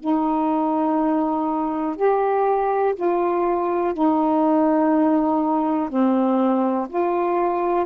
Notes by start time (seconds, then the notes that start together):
0.00 D#4
1.96 G4
2.95 F4
3.93 D#4
5.89 C4
6.89 F4